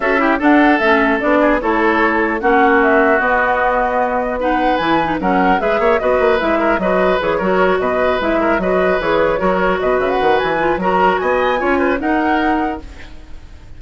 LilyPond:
<<
  \new Staff \with { instrumentName = "flute" } { \time 4/4 \tempo 4 = 150 e''4 fis''4 e''4 d''4 | cis''2 fis''4 e''4 | dis''2. fis''4 | gis''4 fis''4 e''4 dis''4 |
e''4 dis''4 cis''4. dis''8~ | dis''8 e''4 dis''4 cis''4.~ | cis''8 dis''8 e''16 fis''8. gis''4 ais''4 | gis''2 fis''2 | }
  \new Staff \with { instrumentName = "oboe" } { \time 4/4 a'8 g'8 a'2~ a'8 gis'8 | a'2 fis'2~ | fis'2. b'4~ | b'4 ais'4 b'8 cis''8 b'4~ |
b'8 ais'8 b'4. ais'4 b'8~ | b'4 ais'8 b'2 ais'8~ | ais'8 b'2~ b'8 ais'4 | dis''4 cis''8 b'8 ais'2 | }
  \new Staff \with { instrumentName = "clarinet" } { \time 4/4 fis'8 e'8 d'4 cis'4 d'4 | e'2 cis'2 | b2. dis'4 | e'8 dis'8 cis'4 gis'4 fis'4 |
e'4 fis'4 gis'8 fis'4.~ | fis'8 e'4 fis'4 gis'4 fis'8~ | fis'2~ fis'8 f'8 fis'4~ | fis'4 f'4 dis'2 | }
  \new Staff \with { instrumentName = "bassoon" } { \time 4/4 cis'4 d'4 a4 b4 | a2 ais2 | b1 | e4 fis4 gis8 ais8 b8 ais8 |
gis4 fis4 e8 fis4 b,8~ | b,8 gis4 fis4 e4 fis8~ | fis8 b,8 cis8 dis8 e4 fis4 | b4 cis'4 dis'2 | }
>>